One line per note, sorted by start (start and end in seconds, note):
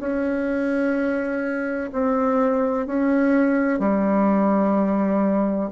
0.00 1.90 C#4
1.93 2.87 C4
2.87 3.79 C#4
3.79 5.70 G3